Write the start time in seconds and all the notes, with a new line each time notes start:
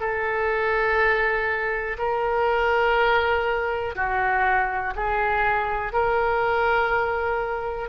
0.00 A4
1.98 A#4
3.95 F#4
4.96 G#4
5.92 A#4